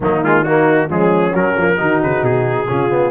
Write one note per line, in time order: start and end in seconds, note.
0.00 0.88 D#3
0.00 0.23 F#3
0.00 0.43 A#3
0.00 0.24 D#4
0.23 0.45 G#3
0.23 0.44 F4
0.43 0.89 A#3
0.43 0.88 D#4
0.43 0.89 F#4
0.89 1.33 F3
0.89 1.33 G#3
0.89 1.76 C#4
0.89 1.35 G#4
1.33 1.56 F#3
1.33 1.57 F#3
1.33 2.02 A#4
1.56 1.79 F3
1.56 1.77 A#3
1.76 2.02 D#3
1.76 2.66 D#4
1.76 2.66 F#4
2.02 2.23 C#3
2.02 2.24 B4
2.23 2.67 B2
2.23 3.11 G#4
2.68 3.11 C#3
2.68 2.89 C#4
2.68 3.11 F4
2.89 3.11 B3